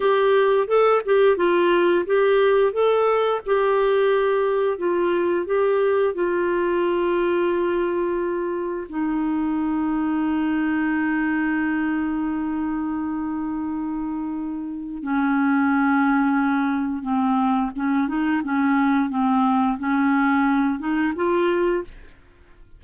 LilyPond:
\new Staff \with { instrumentName = "clarinet" } { \time 4/4 \tempo 4 = 88 g'4 a'8 g'8 f'4 g'4 | a'4 g'2 f'4 | g'4 f'2.~ | f'4 dis'2.~ |
dis'1~ | dis'2 cis'2~ | cis'4 c'4 cis'8 dis'8 cis'4 | c'4 cis'4. dis'8 f'4 | }